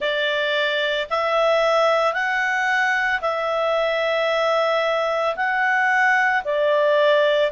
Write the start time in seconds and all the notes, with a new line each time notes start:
0.00 D5
1.10 E5
2.13 F#5
3.21 E5
5.36 F#5
6.44 D5